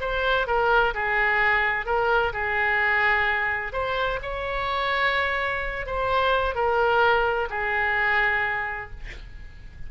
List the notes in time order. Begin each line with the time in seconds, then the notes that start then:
0.00 C5
0.47 A#4
0.94 G#4
1.86 A#4
2.33 G#4
3.72 C5
4.22 C#5
5.86 C5
6.55 A#4
7.50 G#4